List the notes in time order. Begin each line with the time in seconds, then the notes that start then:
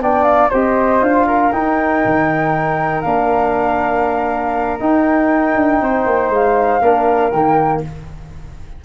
0.00 B3 D4 D5 G5
0.24 F5
0.50 C4 G4 C5 D#5
1.01 D4 F4 F5
1.27 A#4
1.52 D#4 G5
2.05 D#3
3.01 A#3 D4 F5
4.80 D#4 G5
5.56 D4
5.82 C4 C5
6.06 A#3
6.30 G#3 F5
6.81 A#3 D4 A#4
7.31 D#3 A#3 G5